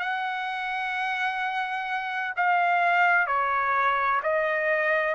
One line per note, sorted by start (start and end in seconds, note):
0.00 2.34 F#5
2.37 3.27 F5
3.27 4.21 C#5
4.23 5.15 D#5